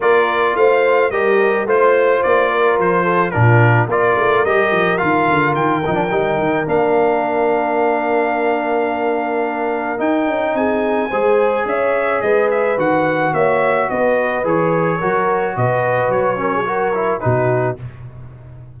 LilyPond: <<
  \new Staff \with { instrumentName = "trumpet" } { \time 4/4 \tempo 4 = 108 d''4 f''4 dis''4 c''4 | d''4 c''4 ais'4 d''4 | dis''4 f''4 g''2 | f''1~ |
f''2 g''4 gis''4~ | gis''4 e''4 dis''8 e''8 fis''4 | e''4 dis''4 cis''2 | dis''4 cis''2 b'4 | }
  \new Staff \with { instrumentName = "horn" } { \time 4/4 ais'4 c''4 ais'4 c''4~ | c''8 ais'4 a'8 f'4 ais'4~ | ais'1~ | ais'1~ |
ais'2. gis'4 | c''4 cis''4 b'2 | cis''4 b'2 ais'4 | b'4. ais'16 gis'16 ais'4 fis'4 | }
  \new Staff \with { instrumentName = "trombone" } { \time 4/4 f'2 g'4 f'4~ | f'2 d'4 f'4 | g'4 f'4. dis'16 d'16 dis'4 | d'1~ |
d'2 dis'2 | gis'2. fis'4~ | fis'2 gis'4 fis'4~ | fis'4. cis'8 fis'8 e'8 dis'4 | }
  \new Staff \with { instrumentName = "tuba" } { \time 4/4 ais4 a4 g4 a4 | ais4 f4 ais,4 ais8 a8 | g8 f8 dis8 d8 dis8 f8 g8 dis8 | ais1~ |
ais2 dis'8 cis'8 c'4 | gis4 cis'4 gis4 dis4 | ais4 b4 e4 fis4 | b,4 fis2 b,4 | }
>>